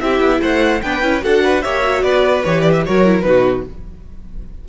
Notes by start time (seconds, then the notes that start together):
0.00 C4 E4 G4 E5
0.20 B3
0.40 A3 C5 F#5
0.81 B3 D4 B4 G5
1.02 C#4 E4
1.21 D4 F#4 A4 F#5
1.43 B4
1.61 A#3 G4 C#5 E5
1.82 F#4
2.02 B3 B4 D5
2.43 E3 G4 C#5
2.61 D5
2.72 E5
2.85 F#3 F#4 A#4 C#5
3.05 E4
3.21 B2 D#4 B4
3.28 F#4